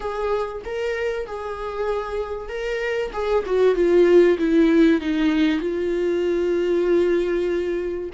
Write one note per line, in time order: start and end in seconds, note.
0.00 0.61 G#4
0.64 1.26 A#4
1.26 2.48 G#4
2.48 3.11 A#4
3.12 3.44 G#4
3.45 3.75 F#4
3.75 4.37 F4
4.38 5.00 E4
5.00 5.60 D#4
5.60 8.10 F4